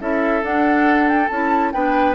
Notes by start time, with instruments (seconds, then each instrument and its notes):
0.00 bassoon C#4, clarinet E4, oboe A4, flute E5
0.42 bassoon D4, clarinet D4, flute F#5
1.08 flute G5
1.28 bassoon C#4, clarinet E4, flute A5
1.72 bassoon B3, clarinet D4, oboe B4, flute G5